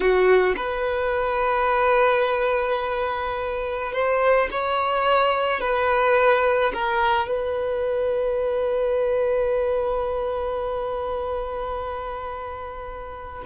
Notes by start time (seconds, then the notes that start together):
0.00 F#4
0.56 B4
3.92 C5
4.51 C#5
5.60 B4
6.73 A#4
7.28 B4